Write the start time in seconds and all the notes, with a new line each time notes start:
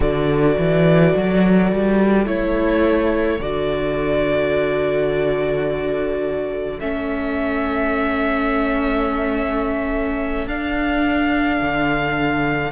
0.00 D3 F#4 A4 D5
0.58 E3
1.15 F#3
1.71 G3
2.25 A3 E4 C#5
3.39 D3 F#4 D5
6.80 A3 C#4 E5
10.46 D4 F5
11.61 D3